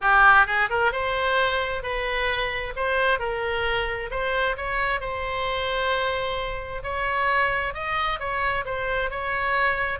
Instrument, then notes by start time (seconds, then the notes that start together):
oboe
0.01 G4
0.46 G#4
0.69 A#4
0.92 C5
1.82 B4
2.76 C5
3.19 A#4
4.11 C5
4.56 C#5
5.00 C5
6.83 C#5
7.74 D#5
8.19 C#5
8.65 C5
9.10 C#5